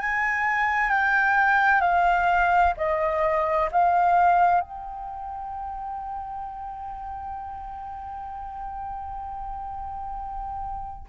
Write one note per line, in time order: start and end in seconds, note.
0.00 0.90 G#5
0.90 1.80 G5
1.80 2.73 F5
2.77 3.69 D#5
3.71 4.60 F5
4.60 11.06 G5